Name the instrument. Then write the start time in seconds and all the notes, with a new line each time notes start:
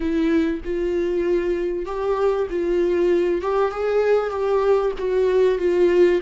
viola
0.00 E4
0.64 F4
1.85 G4
2.50 F4
3.41 G4
3.71 G#4
4.30 G4
4.98 F#4
5.58 F4